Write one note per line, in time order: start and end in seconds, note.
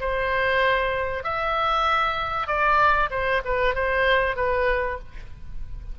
0.00 1.23 C5
1.23 2.47 E5
2.47 3.10 D5
3.11 3.42 C5
3.45 3.75 B4
3.75 4.36 C5
4.36 4.99 B4